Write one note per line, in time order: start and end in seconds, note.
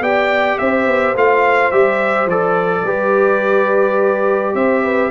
0.00 0.57 B3
0.00 1.15 G4
0.00 0.59 D5
0.00 0.58 G5
0.58 0.86 C4
0.58 2.84 C5
0.58 1.15 E5
0.86 1.15 B3
1.15 1.71 A3
1.15 1.72 F4
1.15 1.71 F5
1.71 2.25 G3
1.71 2.28 G4
1.71 2.28 E5
2.25 2.82 F3
2.25 2.86 A4
2.25 4.55 D5
2.84 4.53 G3
2.84 5.10 G4
2.84 4.54 B4
4.54 5.10 C4
4.54 4.83 C5
4.54 5.10 E5
4.83 5.10 B4